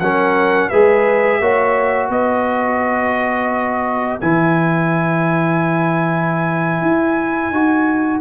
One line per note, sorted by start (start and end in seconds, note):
0.00 0.70 F#3
0.00 0.73 C#4
0.00 0.70 A#4
0.00 0.70 F#5
0.70 1.41 G#3
0.70 1.42 G#4
0.70 1.40 B4
0.70 2.09 E5
1.41 2.10 A#3
1.41 4.21 F#4
1.41 2.11 C#5
2.10 4.19 B3
2.10 8.21 B4
2.10 4.21 D#5
4.21 6.82 E3
4.21 7.54 E4
4.21 8.21 G#5
6.82 7.52 E4
7.52 8.21 D#4
7.52 8.21 F#4